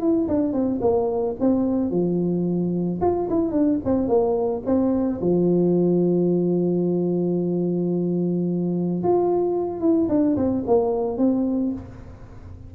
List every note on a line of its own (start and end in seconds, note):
0.00 0.27 E4
0.28 0.53 D4
0.53 0.80 C4
0.81 1.36 A#3
1.40 1.91 C4
1.91 3.00 F3
3.01 3.28 F4
3.29 3.52 E4
3.52 3.79 D4
3.85 4.08 C4
4.08 4.62 A#3
4.65 5.20 C4
5.21 9.02 F3
9.03 9.80 F4
9.80 10.08 E4
10.09 10.36 D4
10.36 10.63 C4
10.67 11.18 A#3
11.18 11.72 C4